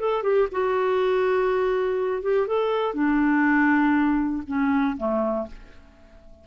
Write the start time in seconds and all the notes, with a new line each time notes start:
0.00 A4
0.23 G4
0.52 F#4
2.23 G4
2.47 A4
2.95 D4
4.48 C#4
4.98 A3